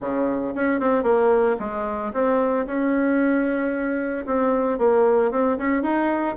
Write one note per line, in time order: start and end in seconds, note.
0.00 0.53 C#3
0.54 0.80 C#4
0.80 1.03 C4
1.03 1.56 A#3
1.59 2.12 G#3
2.13 2.66 C4
2.66 4.25 C#4
4.26 4.78 C4
4.78 5.31 A#3
5.31 5.57 C4
5.58 5.82 C#4
5.82 6.35 D#4